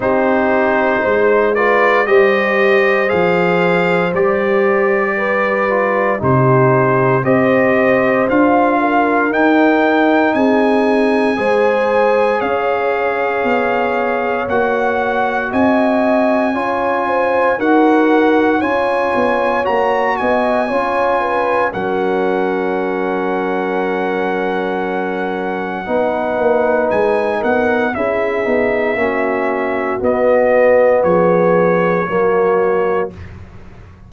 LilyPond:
<<
  \new Staff \with { instrumentName = "trumpet" } { \time 4/4 \tempo 4 = 58 c''4. d''8 dis''4 f''4 | d''2 c''4 dis''4 | f''4 g''4 gis''2 | f''2 fis''4 gis''4~ |
gis''4 fis''4 gis''4 ais''8 gis''8~ | gis''4 fis''2.~ | fis''2 gis''8 fis''8 e''4~ | e''4 dis''4 cis''2 | }
  \new Staff \with { instrumentName = "horn" } { \time 4/4 g'4 c''8 b'8 c''2~ | c''4 b'4 g'4 c''4~ | c''8 ais'4. gis'4 c''4 | cis''2. dis''4 |
cis''8 c''8 ais'4 cis''4. dis''8 | cis''8 b'8 ais'2.~ | ais'4 b'4. ais'8 gis'4 | fis'2 gis'4 fis'4 | }
  \new Staff \with { instrumentName = "trombone" } { \time 4/4 dis'4. f'8 g'4 gis'4 | g'4. f'8 dis'4 g'4 | f'4 dis'2 gis'4~ | gis'2 fis'2 |
f'4 fis'4 f'4 fis'4 | f'4 cis'2.~ | cis'4 dis'2 e'8 dis'8 | cis'4 b2 ais4 | }
  \new Staff \with { instrumentName = "tuba" } { \time 4/4 c'4 gis4 g4 f4 | g2 c4 c'4 | d'4 dis'4 c'4 gis4 | cis'4 b4 ais4 c'4 |
cis'4 dis'4 cis'8 b8 ais8 b8 | cis'4 fis2.~ | fis4 b8 ais8 gis8 b8 cis'8 b8 | ais4 b4 f4 fis4 | }
>>